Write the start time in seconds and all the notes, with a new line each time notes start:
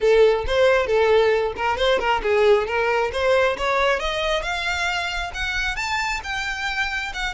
0.01 A4
0.46 C5
0.86 A4
1.56 A#4
1.77 C5
1.99 A#4
2.23 G#4
2.66 A#4
3.12 C5
3.57 C#5
3.99 D#5
4.42 F5
5.34 F#5
5.76 A5
6.23 G5
7.13 F#5